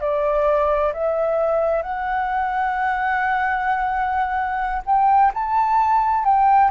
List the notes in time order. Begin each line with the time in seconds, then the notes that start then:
0.00 D5
0.93 E5
1.82 F#5
4.85 G5
5.34 A5
6.24 G5